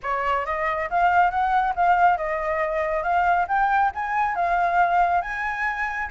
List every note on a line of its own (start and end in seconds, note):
0.03 0.45 C#5
0.45 0.89 D#5
0.90 1.30 F5
1.30 1.73 F#5
1.75 2.17 F5
2.17 3.03 D#5
3.03 3.46 F5
3.48 3.91 G5
3.94 4.35 G#5
4.35 5.21 F5
5.21 6.08 G#5